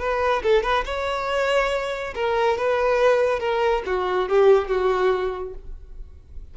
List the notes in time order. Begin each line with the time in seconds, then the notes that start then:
0.00 B4
0.43 A4
0.64 B4
0.86 C#5
2.15 A#4
2.58 B4
3.40 A#4
3.86 F#4
4.29 G4
4.69 F#4